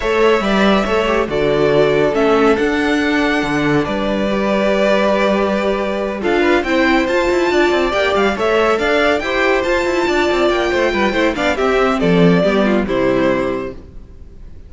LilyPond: <<
  \new Staff \with { instrumentName = "violin" } { \time 4/4 \tempo 4 = 140 e''2. d''4~ | d''4 e''4 fis''2~ | fis''4 d''2.~ | d''2~ d''8 f''4 g''8~ |
g''8 a''2 g''8 f''8 e''8~ | e''8 f''4 g''4 a''4.~ | a''8 g''2 f''8 e''4 | d''2 c''2 | }
  \new Staff \with { instrumentName = "violin" } { \time 4/4 cis''4 d''4 cis''4 a'4~ | a'1~ | a'4 b'2.~ | b'2~ b'8 a'8 b'8 c''8~ |
c''4. d''2 cis''8~ | cis''8 d''4 c''2 d''8~ | d''4 c''8 b'8 c''8 d''8 g'4 | a'4 g'8 f'8 e'2 | }
  \new Staff \with { instrumentName = "viola" } { \time 4/4 a'4 b'4 a'8 g'8 fis'4~ | fis'4 cis'4 d'2~ | d'2 g'2~ | g'2~ g'8 f'4 e'8~ |
e'8 f'2 g'4 a'8~ | a'4. g'4 f'4.~ | f'2 e'8 d'8 c'4~ | c'4 b4 g2 | }
  \new Staff \with { instrumentName = "cello" } { \time 4/4 a4 g4 a4 d4~ | d4 a4 d'2 | d4 g2.~ | g2~ g8 d'4 c'8~ |
c'8 f'8 e'8 d'8 c'8 ais8 g8 a8~ | a8 d'4 e'4 f'8 e'8 d'8 | c'8 ais8 a8 g8 a8 b8 c'4 | f4 g4 c2 | }
>>